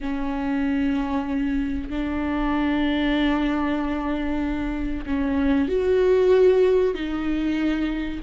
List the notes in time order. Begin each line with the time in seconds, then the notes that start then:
0.01 C#4
1.89 D4
5.06 C#4
5.68 F#4
6.94 D#4